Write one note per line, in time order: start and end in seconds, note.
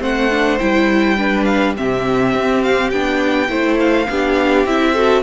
0.00 0.60 A3
0.00 0.29 C4
0.00 1.17 C5
0.00 0.59 F#5
0.31 0.60 D4
0.59 1.78 G3
0.59 1.18 E4
0.59 1.45 G5
1.18 1.76 D4
1.18 1.76 B4
1.45 1.74 F5
1.76 2.35 C3
1.76 2.93 C4
1.76 3.50 G4
1.76 2.64 E5
2.35 2.92 C4
2.64 2.91 F5
2.91 3.50 B3
2.91 3.48 D4
2.91 3.78 G5
3.48 4.08 A3
3.48 4.07 E4
3.48 4.08 C5
3.80 4.67 F5
4.10 4.66 B3
4.10 4.68 D4
4.10 4.94 G4
4.66 5.24 C4
4.66 4.96 E4
4.66 5.24 E5
4.94 5.24 F#4
4.94 5.23 A4